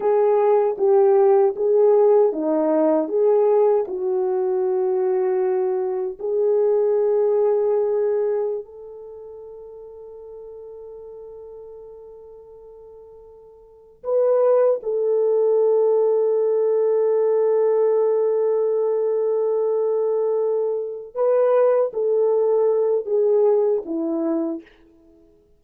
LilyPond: \new Staff \with { instrumentName = "horn" } { \time 4/4 \tempo 4 = 78 gis'4 g'4 gis'4 dis'4 | gis'4 fis'2. | gis'2.~ gis'16 a'8.~ | a'1~ |
a'2~ a'16 b'4 a'8.~ | a'1~ | a'2.~ a'8 b'8~ | b'8 a'4. gis'4 e'4 | }